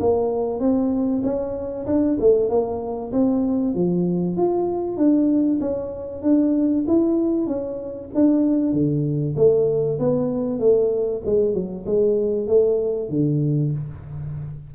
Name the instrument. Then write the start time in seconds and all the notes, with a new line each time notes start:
tuba
0.00 A#3
0.59 C4
1.23 C#4
1.86 D4
2.20 A3
2.49 A#3
3.12 C4
3.74 F3
4.36 F4
4.97 D4
5.60 C#4
6.22 D4
6.87 E4
7.46 C#4
8.14 D4
8.72 D3
9.36 A3
9.99 B3
10.59 A3
11.25 G#3
11.53 F#3
11.86 G#3
12.47 A3
13.09 D3